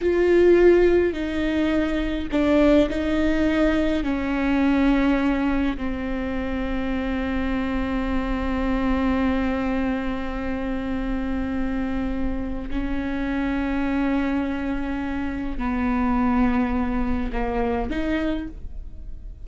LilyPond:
\new Staff \with { instrumentName = "viola" } { \time 4/4 \tempo 4 = 104 f'2 dis'2 | d'4 dis'2 cis'4~ | cis'2 c'2~ | c'1~ |
c'1~ | c'2 cis'2~ | cis'2. b4~ | b2 ais4 dis'4 | }